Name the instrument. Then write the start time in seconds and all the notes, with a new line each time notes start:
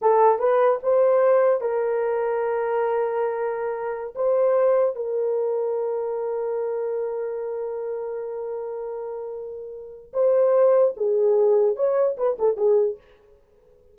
horn
0.01 A4
0.39 B4
0.82 C5
1.60 A#4
4.15 C5
4.95 A#4
10.13 C5
10.96 G#4
11.75 C#5
12.17 B4
12.39 A4
12.57 G#4